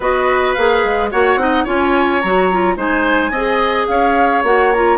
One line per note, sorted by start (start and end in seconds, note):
0.00 0.55 B3
0.00 0.56 F#4
0.00 1.10 B4
0.00 0.53 D#5
0.53 0.84 A#3
0.53 1.11 G#4
0.53 1.09 F5
0.84 1.12 G#3
1.10 1.36 A#3
1.10 1.39 F#4
1.10 1.39 C#5
1.10 1.66 F#5
1.36 1.64 C4
1.36 1.66 D#4
1.36 1.63 D#5
1.63 2.23 C#4
1.63 2.21 F4
1.63 2.75 C#5
1.63 2.20 G#5
2.20 2.76 F#3
2.20 2.52 F#4
2.20 2.76 A#5
2.52 2.76 F4
2.76 3.30 G#3
2.76 3.31 D#4
2.76 3.31 C5
2.76 3.87 G#5
3.30 3.86 C4
3.30 4.44 G#4
3.30 3.86 D#5
3.87 4.43 C#4
3.87 4.98 C#5
3.87 4.42 F5
4.43 4.98 A#3
4.43 4.72 F#4
4.43 4.72 F#5
4.72 4.98 F4
4.72 4.98 A#5